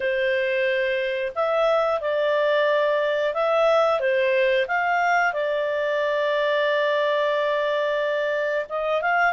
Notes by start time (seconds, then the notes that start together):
0.00 C5
1.35 E5
2.00 D5
3.34 E5
3.99 C5
4.67 F5
5.33 D5
8.69 D#5
9.02 F5